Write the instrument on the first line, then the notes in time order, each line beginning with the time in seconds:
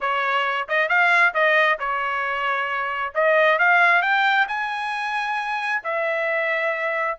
trumpet
0.00 C#5
0.68 D#5
0.88 F5
1.34 D#5
1.79 C#5
3.14 D#5
3.58 F5
4.02 G5
4.48 G#5
5.83 E5